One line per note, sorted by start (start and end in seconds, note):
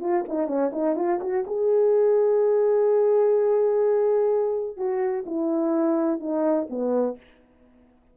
0.00 0.24 F4
0.28 0.47 D#4
0.47 0.71 C#4
0.72 0.96 D#4
0.96 1.19 F4
1.21 1.45 F#4
1.47 4.77 G#4
4.77 5.24 F#4
5.26 6.20 E4
6.20 6.68 D#4
6.70 7.17 B3